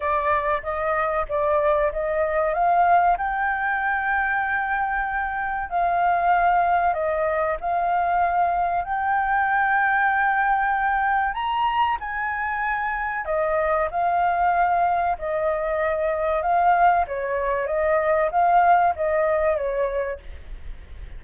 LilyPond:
\new Staff \with { instrumentName = "flute" } { \time 4/4 \tempo 4 = 95 d''4 dis''4 d''4 dis''4 | f''4 g''2.~ | g''4 f''2 dis''4 | f''2 g''2~ |
g''2 ais''4 gis''4~ | gis''4 dis''4 f''2 | dis''2 f''4 cis''4 | dis''4 f''4 dis''4 cis''4 | }